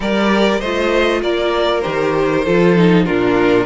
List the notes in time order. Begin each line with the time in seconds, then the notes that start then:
0.00 G3 G4 A#4 D5
0.59 A3 F4 C5 D#5
1.22 A#3 A#4 D5
1.81 D#3 G4 C5
2.44 F3 F4 A4
2.76 D#4
3.05 A#2 D4 F4 A#4